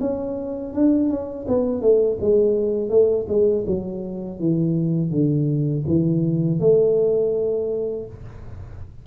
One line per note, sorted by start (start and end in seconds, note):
0.00 0.73 C#4
0.73 1.09 D4
1.09 1.46 C#4
1.48 1.81 B3
1.81 2.18 A3
2.20 2.89 G#3
2.89 3.26 A3
3.28 3.64 G#3
3.66 4.39 F#3
4.39 5.10 E3
5.10 5.83 D3
5.87 6.60 E3
6.60 8.06 A3